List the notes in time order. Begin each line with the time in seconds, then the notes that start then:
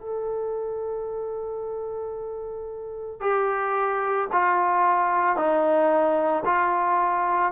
0.00 A4
3.21 G4
4.32 F4
5.36 D#4
6.45 F4